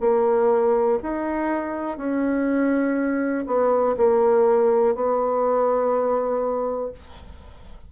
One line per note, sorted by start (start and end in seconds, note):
0.00 0.98 A#3
1.02 1.97 D#4
1.97 3.45 C#4
3.46 3.96 B3
3.97 4.94 A#3
4.94 6.91 B3